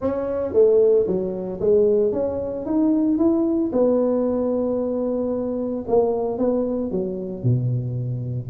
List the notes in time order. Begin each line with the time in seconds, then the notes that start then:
0.01 C#4
0.53 A3
1.07 F#3
1.60 G#3
2.12 C#4
2.65 D#4
3.18 E4
3.72 B3
5.87 A#3
6.38 B3
6.91 F#3
7.43 B2